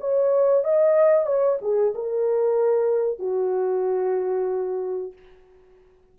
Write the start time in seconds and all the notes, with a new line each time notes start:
0.00 C#5
0.64 D#5
1.26 C#5
1.61 G#4
1.94 A#4
3.18 F#4